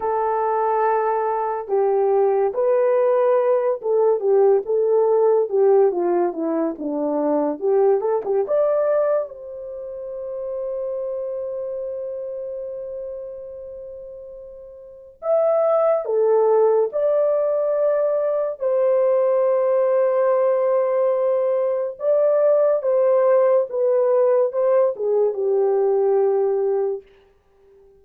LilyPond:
\new Staff \with { instrumentName = "horn" } { \time 4/4 \tempo 4 = 71 a'2 g'4 b'4~ | b'8 a'8 g'8 a'4 g'8 f'8 e'8 | d'4 g'8 a'16 g'16 d''4 c''4~ | c''1~ |
c''2 e''4 a'4 | d''2 c''2~ | c''2 d''4 c''4 | b'4 c''8 gis'8 g'2 | }